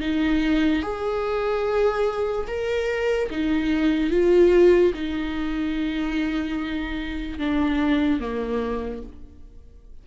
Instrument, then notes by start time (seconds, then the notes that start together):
viola
0.00 D#4
0.82 G#4
2.47 A#4
3.30 D#4
4.10 F4
4.94 D#4
7.38 D4
8.20 A#3